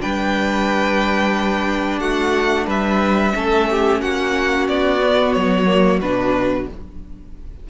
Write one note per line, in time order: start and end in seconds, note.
0.00 2.00 G3
0.00 3.33 D4
0.00 2.00 B4
0.00 1.99 G5
1.99 2.67 A3
1.99 2.67 F#4
1.99 2.66 F#5
2.67 3.33 G3
2.67 3.33 B4
2.67 4.01 E5
3.34 4.02 A3
3.34 5.00 C#4
3.34 3.69 A4
3.70 4.01 G4
4.01 4.68 A#3
4.01 6.68 F#4
4.01 4.67 F#5
4.68 5.35 B3
4.68 5.33 D5
5.00 5.67 B3
5.33 6.01 F#3
5.33 5.99 C#5
5.67 6.00 A#3
6.01 6.68 B2
6.01 6.69 D4
6.01 6.67 B4